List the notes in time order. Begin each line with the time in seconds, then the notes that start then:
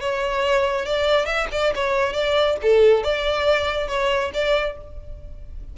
0.00 C#5
0.85 D5
1.25 E5
1.51 D5
1.75 C#5
2.13 D5
2.62 A4
3.03 D5
3.88 C#5
4.34 D5